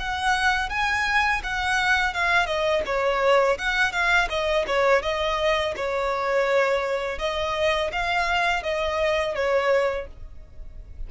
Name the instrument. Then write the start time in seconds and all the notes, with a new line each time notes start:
violin
0.00 F#5
0.70 G#5
1.44 F#5
2.14 F5
2.46 D#5
2.86 C#5
3.58 F#5
3.93 F5
4.30 D#5
4.67 C#5
5.03 D#5
5.77 C#5
7.19 D#5
7.93 F5
8.63 D#5
9.35 C#5